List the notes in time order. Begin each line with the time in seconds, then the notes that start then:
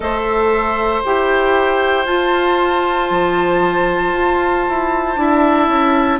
0.00 A3 A4 C5 E5
1.05 E4 G4 G5
2.05 F4 A5
3.10 F3
4.13 F4
4.68 E4
5.16 D4 E4 E5
5.67 C#4